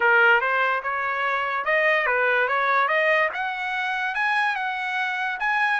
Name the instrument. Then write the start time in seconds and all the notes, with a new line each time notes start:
trumpet
0.00 A#4
0.40 C5
0.83 C#5
1.65 D#5
2.06 B4
2.48 C#5
2.88 D#5
3.33 F#5
4.15 G#5
4.55 F#5
5.39 G#5